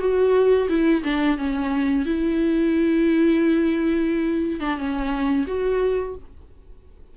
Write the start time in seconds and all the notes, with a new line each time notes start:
0.00 F#4
0.69 E4
1.04 D4
1.38 C#4
2.05 E4
4.61 D4
4.78 C#4
5.47 F#4